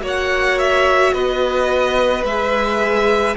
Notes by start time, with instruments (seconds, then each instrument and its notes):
0.00 cello A#3, viola F#4, violin C#5
0.07 violin F#5
0.58 violin E5
1.13 cello B3, violin B4 D#5
2.24 cello G#3, viola G#4, violin E5